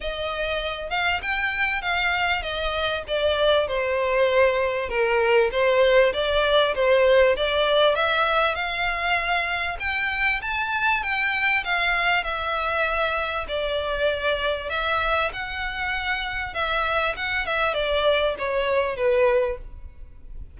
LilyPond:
\new Staff \with { instrumentName = "violin" } { \time 4/4 \tempo 4 = 98 dis''4. f''8 g''4 f''4 | dis''4 d''4 c''2 | ais'4 c''4 d''4 c''4 | d''4 e''4 f''2 |
g''4 a''4 g''4 f''4 | e''2 d''2 | e''4 fis''2 e''4 | fis''8 e''8 d''4 cis''4 b'4 | }